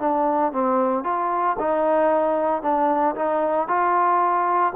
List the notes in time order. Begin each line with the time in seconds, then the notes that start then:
0.00 D4
0.53 C4
1.04 F4
1.60 D#4
2.63 D4
3.16 D#4
3.68 F4